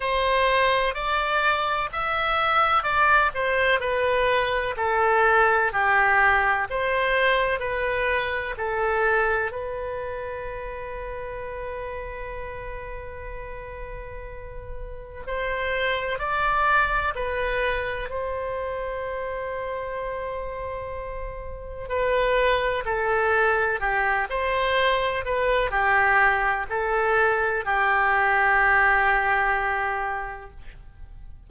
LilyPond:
\new Staff \with { instrumentName = "oboe" } { \time 4/4 \tempo 4 = 63 c''4 d''4 e''4 d''8 c''8 | b'4 a'4 g'4 c''4 | b'4 a'4 b'2~ | b'1 |
c''4 d''4 b'4 c''4~ | c''2. b'4 | a'4 g'8 c''4 b'8 g'4 | a'4 g'2. | }